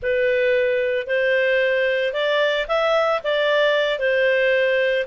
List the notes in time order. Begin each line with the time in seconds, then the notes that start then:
0.02 B4
1.06 C5
2.13 D5
2.68 E5
3.23 D5
3.99 C5